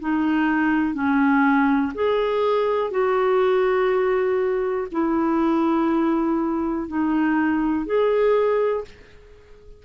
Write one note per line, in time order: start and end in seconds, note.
0.00 0.94 D#4
0.94 1.93 C#4
1.94 2.91 G#4
2.91 4.88 F#4
4.92 6.88 E4
6.88 7.86 D#4
7.86 8.84 G#4